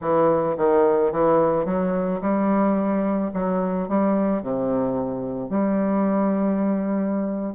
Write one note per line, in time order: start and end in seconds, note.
0.01 0.56 E3
0.57 1.12 D#3
1.12 1.65 E3
1.65 2.20 F#3
2.21 3.31 G3
3.33 3.88 F#3
3.88 4.42 G3
4.42 5.49 C3
5.49 7.54 G3